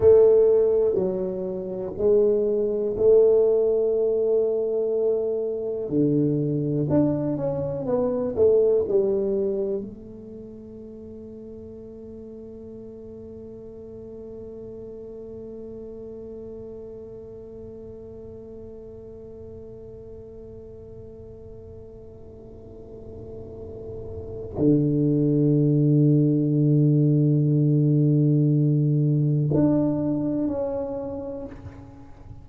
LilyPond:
\new Staff \with { instrumentName = "tuba" } { \time 4/4 \tempo 4 = 61 a4 fis4 gis4 a4~ | a2 d4 d'8 cis'8 | b8 a8 g4 a2~ | a1~ |
a1~ | a1~ | a4 d2.~ | d2 d'4 cis'4 | }